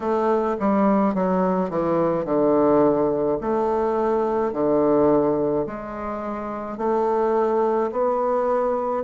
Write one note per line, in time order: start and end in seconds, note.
0.00 0.56 A3
0.59 1.14 G3
1.14 1.70 F#3
1.70 2.25 E3
2.25 3.38 D3
3.40 4.52 A3
4.52 5.66 D3
5.66 6.77 G#3
6.77 7.90 A3
7.91 9.03 B3